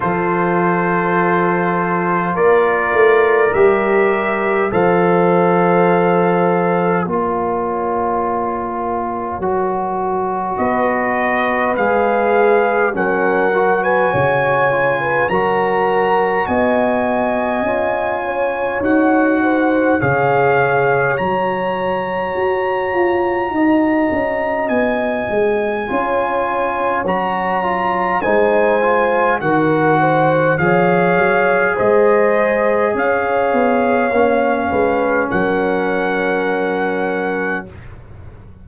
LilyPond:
<<
  \new Staff \with { instrumentName = "trumpet" } { \time 4/4 \tempo 4 = 51 c''2 d''4 e''4 | f''2 cis''2~ | cis''4 dis''4 f''4 fis''8. gis''16~ | gis''4 ais''4 gis''2 |
fis''4 f''4 ais''2~ | ais''4 gis''2 ais''4 | gis''4 fis''4 f''4 dis''4 | f''2 fis''2 | }
  \new Staff \with { instrumentName = "horn" } { \time 4/4 a'2 ais'2 | c''2 ais'2~ | ais'4 b'2 ais'8. b'16 | cis''8. b'16 ais'4 dis''4. cis''8~ |
cis''8 c''8 cis''2. | dis''2 cis''2 | c''4 ais'8 c''8 cis''4 c''4 | cis''4. b'8 ais'2 | }
  \new Staff \with { instrumentName = "trombone" } { \time 4/4 f'2. g'4 | a'2 f'2 | fis'2 gis'4 cis'8 fis'8~ | fis'8 f'8 fis'2 f'4 |
fis'4 gis'4 fis'2~ | fis'2 f'4 fis'8 f'8 | dis'8 f'8 fis'4 gis'2~ | gis'4 cis'2. | }
  \new Staff \with { instrumentName = "tuba" } { \time 4/4 f2 ais8 a8 g4 | f2 ais2 | fis4 b4 gis4 fis4 | cis4 fis4 b4 cis'4 |
dis'4 cis4 fis4 fis'8 f'8 | dis'8 cis'8 b8 gis8 cis'4 fis4 | gis4 dis4 f8 fis8 gis4 | cis'8 b8 ais8 gis8 fis2 | }
>>